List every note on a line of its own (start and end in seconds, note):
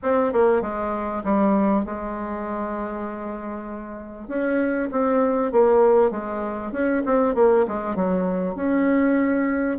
0.02 0.32 C4
0.32 0.61 A#3
0.61 1.22 G#3
1.24 1.85 G3
1.85 4.27 G#3
4.27 4.89 C#4
4.91 5.52 C4
5.52 6.11 A#3
6.11 6.72 G#3
6.72 7.02 C#4
7.05 7.34 C4
7.34 7.65 A#3
7.67 7.95 G#3
7.95 8.55 F#3
8.55 9.77 C#4